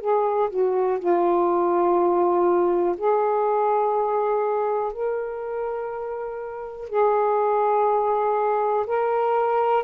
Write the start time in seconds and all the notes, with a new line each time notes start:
0.00 G#4
0.50 F#4
0.99 F4
2.97 G#4
4.93 A#4
6.89 G#4
8.87 A#4